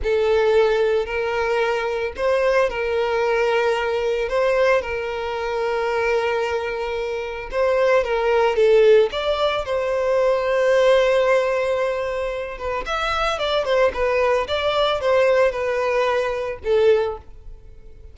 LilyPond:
\new Staff \with { instrumentName = "violin" } { \time 4/4 \tempo 4 = 112 a'2 ais'2 | c''4 ais'2. | c''4 ais'2.~ | ais'2 c''4 ais'4 |
a'4 d''4 c''2~ | c''2.~ c''8 b'8 | e''4 d''8 c''8 b'4 d''4 | c''4 b'2 a'4 | }